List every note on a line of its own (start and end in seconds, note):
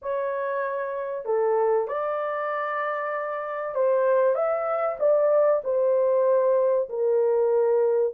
0.01 1.25 C#5
1.25 1.87 A4
1.87 3.74 D5
3.74 4.35 C5
4.35 4.97 E5
4.99 5.62 D5
5.64 6.89 C5
6.89 8.14 A#4